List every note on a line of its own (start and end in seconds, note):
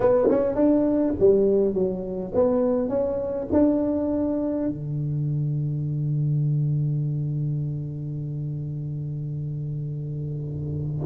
0.00 0.28 B3
0.29 0.55 C#4
0.55 1.13 D4
1.19 1.74 G3
1.74 2.32 F#3
2.34 2.88 B3
2.88 3.47 C#4
3.52 4.68 D4
4.68 11.05 D3